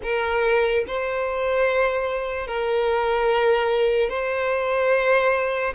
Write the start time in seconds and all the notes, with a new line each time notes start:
0.02 A#4
0.87 C5
2.47 A#4
4.09 C5